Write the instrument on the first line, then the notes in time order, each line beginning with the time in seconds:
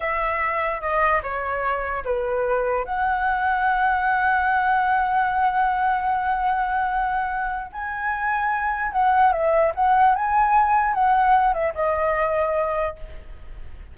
flute
0.00 E5
0.80 D#5
1.22 C#5
2.05 B4
2.84 F#5
7.72 G#5
8.92 F#5
9.32 E5
9.74 F#5
10.15 G#5
10.93 F#5
11.53 E5
11.74 D#5